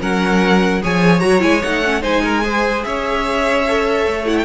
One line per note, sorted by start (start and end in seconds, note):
0.00 0.82 F#3
0.00 0.81 C#4
0.00 0.82 A#4
0.00 0.83 F#5
0.81 1.22 F3
0.81 1.20 G#4
0.81 2.01 C#5
0.81 1.19 G#5
1.19 1.42 F#3
1.19 1.40 F#4
1.19 1.40 A#5
1.40 1.62 G#3
1.40 1.60 E4
1.40 1.62 G#5
1.62 2.03 A3
1.62 1.83 D#4
1.62 2.03 F#5
1.84 2.01 C#4
2.01 2.84 G#3
2.01 2.42 D#4
2.01 2.21 C5
2.01 2.83 G#5
2.23 2.43 A#4
2.43 3.65 G#4
2.43 2.85 C5
2.83 4.06 C#4
2.83 4.44 C#5
2.83 4.25 E5
3.67 4.25 A4
4.06 4.44 A3
4.25 4.44 E4
4.25 4.37 F#5
4.37 4.44 G5